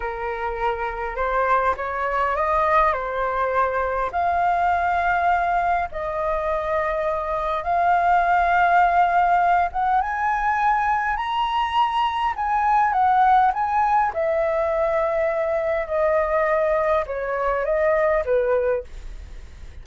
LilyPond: \new Staff \with { instrumentName = "flute" } { \time 4/4 \tempo 4 = 102 ais'2 c''4 cis''4 | dis''4 c''2 f''4~ | f''2 dis''2~ | dis''4 f''2.~ |
f''8 fis''8 gis''2 ais''4~ | ais''4 gis''4 fis''4 gis''4 | e''2. dis''4~ | dis''4 cis''4 dis''4 b'4 | }